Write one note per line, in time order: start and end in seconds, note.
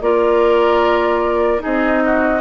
0.00 1.60 A#3
0.00 1.58 F4
0.00 1.62 A#4
0.00 1.61 D5
1.58 2.38 D#4
1.58 2.02 G#4
1.58 2.41 D#5
1.65 2.41 C4
2.05 2.41 F#4